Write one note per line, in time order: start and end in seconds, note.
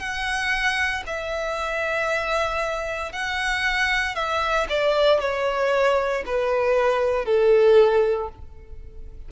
0.00 1.03 F#5
1.07 3.12 E5
3.12 4.15 F#5
4.15 4.67 E5
4.69 5.20 D5
5.20 6.24 C#5
6.26 7.26 B4
7.26 8.29 A4